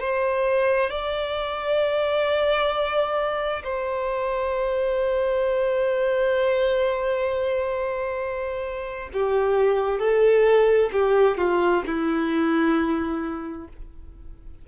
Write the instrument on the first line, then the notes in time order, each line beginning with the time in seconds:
violin
0.00 C5
0.90 D5
3.64 C5
9.13 G4
9.99 A4
10.93 G4
11.38 F4
11.86 E4